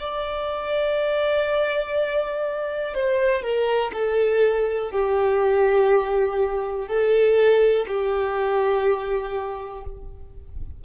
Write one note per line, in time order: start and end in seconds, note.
0.00 2.94 D5
2.94 3.43 C5
3.43 3.92 A#4
3.93 4.91 A4
4.91 6.88 G4
6.88 7.86 A4
7.88 9.85 G4